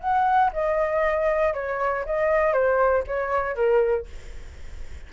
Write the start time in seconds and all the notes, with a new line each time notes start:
0.00 F#5
0.53 D#5
1.54 C#5
2.05 D#5
2.53 C5
3.07 C#5
3.55 A#4